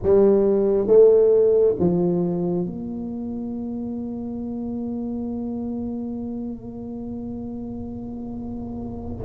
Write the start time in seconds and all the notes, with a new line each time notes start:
0.02 G3
0.87 A3
1.79 F3
2.66 A#3